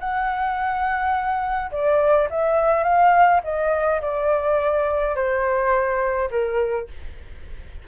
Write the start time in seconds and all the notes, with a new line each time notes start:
0.00 F#5
1.71 D5
2.30 E5
2.84 F5
3.44 D#5
4.02 D5
5.16 C5
6.31 A#4